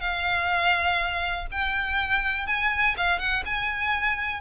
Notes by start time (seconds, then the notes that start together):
0.00 F5
1.51 G5
2.47 G#5
2.97 F5
3.19 F#5
3.45 G#5